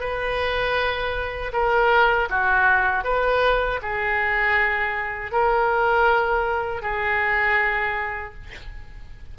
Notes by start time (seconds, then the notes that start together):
0.00 B4
1.53 A#4
2.30 F#4
3.04 B4
3.82 G#4
5.32 A#4
6.82 G#4